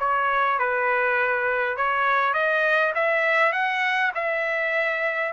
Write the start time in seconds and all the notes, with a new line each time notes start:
0.00 C#5
0.59 B4
1.77 C#5
2.34 D#5
2.95 E5
3.53 F#5
4.15 E5